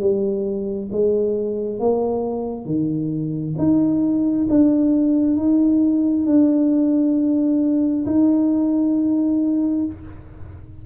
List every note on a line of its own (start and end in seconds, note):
0.00 0.90 G3
0.92 1.79 G#3
1.79 2.65 A#3
2.65 3.55 D#3
3.58 4.47 D#4
4.49 5.37 D4
5.37 6.26 D#4
6.26 8.05 D4
8.06 9.85 D#4